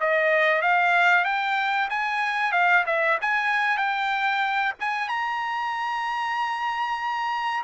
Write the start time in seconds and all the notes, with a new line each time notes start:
0.00 D#5
0.62 F5
1.24 G5
1.89 G#5
2.52 F5
2.86 E5
3.21 G#5
3.77 G5
4.79 G#5
5.08 A#5